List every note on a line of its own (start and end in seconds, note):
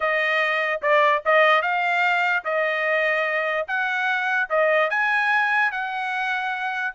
0.00 0.80 D#5
0.82 1.22 D5
1.25 1.61 D#5
1.61 2.43 F5
2.44 3.66 D#5
3.67 4.49 F#5
4.49 4.90 D#5
4.90 5.71 G#5
5.71 6.94 F#5